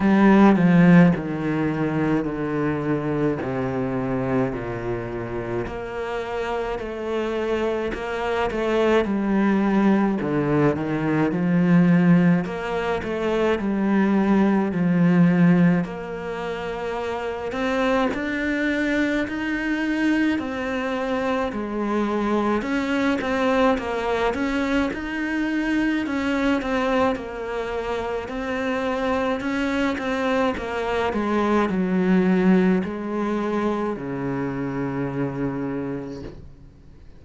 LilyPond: \new Staff \with { instrumentName = "cello" } { \time 4/4 \tempo 4 = 53 g8 f8 dis4 d4 c4 | ais,4 ais4 a4 ais8 a8 | g4 d8 dis8 f4 ais8 a8 | g4 f4 ais4. c'8 |
d'4 dis'4 c'4 gis4 | cis'8 c'8 ais8 cis'8 dis'4 cis'8 c'8 | ais4 c'4 cis'8 c'8 ais8 gis8 | fis4 gis4 cis2 | }